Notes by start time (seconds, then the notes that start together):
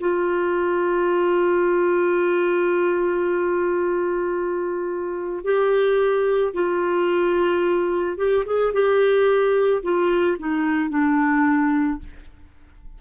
0.00 F4
5.44 G4
6.54 F4
8.18 G4
8.46 G#4
8.74 G4
9.83 F4
10.39 D#4
10.90 D4